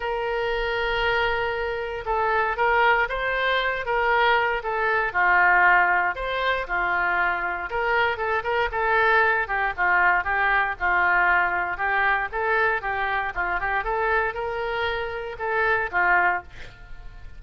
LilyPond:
\new Staff \with { instrumentName = "oboe" } { \time 4/4 \tempo 4 = 117 ais'1 | a'4 ais'4 c''4. ais'8~ | ais'4 a'4 f'2 | c''4 f'2 ais'4 |
a'8 ais'8 a'4. g'8 f'4 | g'4 f'2 g'4 | a'4 g'4 f'8 g'8 a'4 | ais'2 a'4 f'4 | }